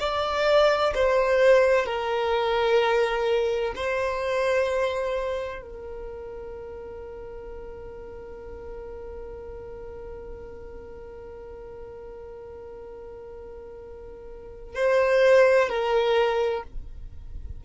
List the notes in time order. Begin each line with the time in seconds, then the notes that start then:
0.00 D5
0.95 C5
1.86 A#4
3.76 C5
5.62 A#4
14.76 C5
15.69 A#4